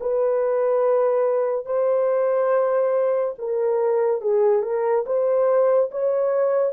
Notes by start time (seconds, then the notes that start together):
0.00 B4
1.66 C5
3.38 A#4
4.21 G#4
4.62 A#4
5.06 C5
5.91 C#5